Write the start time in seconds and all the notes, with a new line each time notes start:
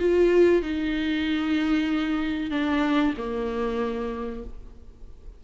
0.00 F4
0.63 D#4
2.51 D4
3.18 A#3